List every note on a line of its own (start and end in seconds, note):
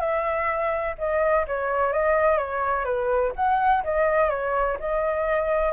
0.00 0.95 E5
0.98 1.46 D#5
1.47 1.93 C#5
1.93 2.38 D#5
2.38 2.85 C#5
2.85 3.32 B4
3.36 3.83 F#5
3.84 4.30 D#5
4.30 4.77 C#5
4.80 5.73 D#5